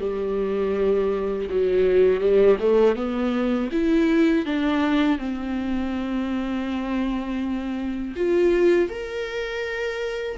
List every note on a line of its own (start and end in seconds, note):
0.00 1.48 G3
1.49 2.21 F#3
2.21 2.58 G3
2.60 2.95 A3
2.95 3.69 B3
3.72 4.45 E4
4.45 5.19 D4
5.19 8.15 C4
8.16 8.89 F4
8.89 10.37 A#4